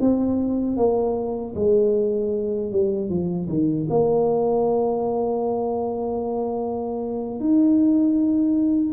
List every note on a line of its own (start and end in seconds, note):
0.00 0.76 C4
0.76 1.54 A#3
1.55 2.71 G#3
2.71 3.09 G3
3.09 3.48 F3
3.48 3.87 D#3
3.89 7.40 A#3
7.40 8.93 D#4